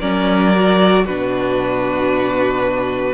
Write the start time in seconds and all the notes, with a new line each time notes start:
0.00 F#3 C#4 A#4 D5
0.54 F#4
1.04 B2 D4 F#4 B4